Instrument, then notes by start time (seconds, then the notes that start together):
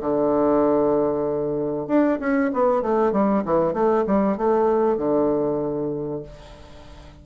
bassoon
0.00 D3
1.87 D4
2.19 C#4
2.53 B3
2.82 A3
3.12 G3
3.45 E3
3.73 A3
4.06 G3
4.37 A3
4.97 D3